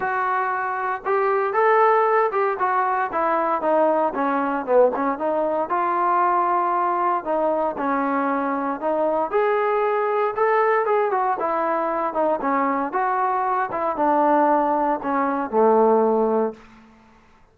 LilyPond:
\new Staff \with { instrumentName = "trombone" } { \time 4/4 \tempo 4 = 116 fis'2 g'4 a'4~ | a'8 g'8 fis'4 e'4 dis'4 | cis'4 b8 cis'8 dis'4 f'4~ | f'2 dis'4 cis'4~ |
cis'4 dis'4 gis'2 | a'4 gis'8 fis'8 e'4. dis'8 | cis'4 fis'4. e'8 d'4~ | d'4 cis'4 a2 | }